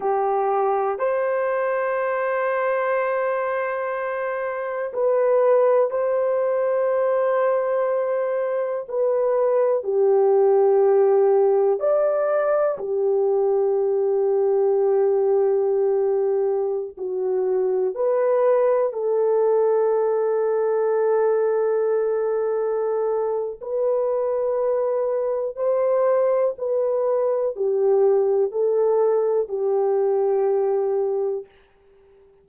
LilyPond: \new Staff \with { instrumentName = "horn" } { \time 4/4 \tempo 4 = 61 g'4 c''2.~ | c''4 b'4 c''2~ | c''4 b'4 g'2 | d''4 g'2.~ |
g'4~ g'16 fis'4 b'4 a'8.~ | a'1 | b'2 c''4 b'4 | g'4 a'4 g'2 | }